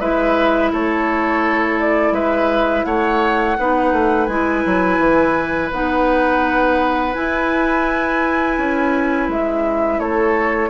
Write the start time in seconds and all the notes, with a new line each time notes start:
0.00 G#3 E4 B4 E5
0.72 A3 A4 C#5
1.79 D5
2.11 G#3 B4 E5
2.84 A3 C#5 F#5
3.58 B3 D#4 B4
3.92 A3
4.26 G#3 E4 G#5
4.65 F#3
4.99 E3
5.72 B3 D#4 F#5
7.13 E4 G#5
8.58 C#4
9.28 G#3 E5
9.98 A3 A4 C#5